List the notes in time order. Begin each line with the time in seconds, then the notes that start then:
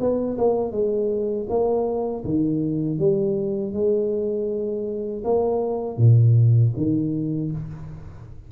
0.00 B3
0.38 A#3
0.72 G#3
1.49 A#3
2.25 D#3
2.99 G3
3.74 G#3
5.24 A#3
5.98 A#2
6.77 D#3